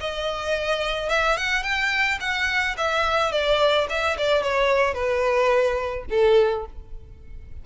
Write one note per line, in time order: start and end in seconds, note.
0.00 1.09 D#5
1.09 1.37 E5
1.37 1.63 F#5
1.63 2.18 G5
2.20 2.76 F#5
2.77 3.32 E5
3.32 3.87 D5
3.89 4.17 E5
4.18 4.43 D5
4.43 4.94 C#5
4.94 6.05 B4
6.10 6.65 A4